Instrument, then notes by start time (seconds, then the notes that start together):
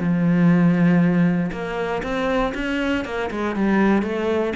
cello
0.00 F3
1.52 A#3
2.03 C4
2.55 C#4
3.05 A#3
3.31 G#3
3.56 G3
4.03 A3